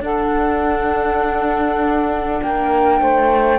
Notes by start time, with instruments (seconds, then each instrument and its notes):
0.00 cello D4, viola D4, saxophone A4, flute F#5
2.41 cello A#3, saxophone A#4, flute G5
3.00 cello A3, saxophone C5